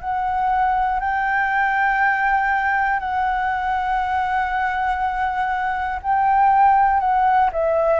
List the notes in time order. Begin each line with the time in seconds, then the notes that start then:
0.00 F#5
1.00 G5
3.00 F#5
6.02 G5
7.00 F#5
7.52 E5